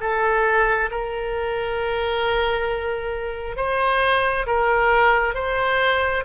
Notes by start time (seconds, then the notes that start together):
0.00 A4
0.90 A#4
3.56 C5
4.46 A#4
5.34 C5